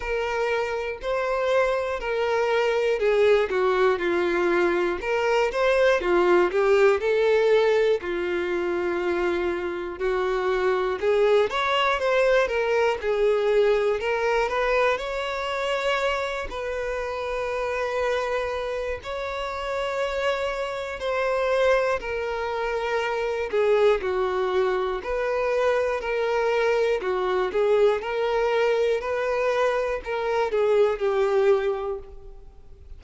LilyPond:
\new Staff \with { instrumentName = "violin" } { \time 4/4 \tempo 4 = 60 ais'4 c''4 ais'4 gis'8 fis'8 | f'4 ais'8 c''8 f'8 g'8 a'4 | f'2 fis'4 gis'8 cis''8 | c''8 ais'8 gis'4 ais'8 b'8 cis''4~ |
cis''8 b'2~ b'8 cis''4~ | cis''4 c''4 ais'4. gis'8 | fis'4 b'4 ais'4 fis'8 gis'8 | ais'4 b'4 ais'8 gis'8 g'4 | }